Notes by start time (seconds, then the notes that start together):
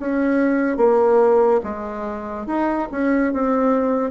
0.00 C#4
0.78 A#3
1.64 G#3
2.47 D#4
2.92 C#4
3.33 C4